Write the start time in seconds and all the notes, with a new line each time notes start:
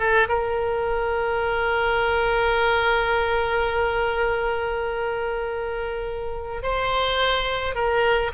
0.00 A4
0.29 A#4
6.63 C5
7.75 A#4